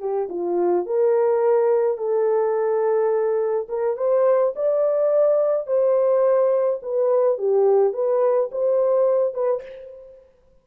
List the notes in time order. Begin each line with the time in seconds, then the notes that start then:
0.00 G4
0.30 F4
0.86 A#4
1.98 A4
3.69 A#4
3.97 C5
4.56 D5
5.67 C5
6.83 B4
7.38 G4
7.94 B4
8.52 C5
9.34 B4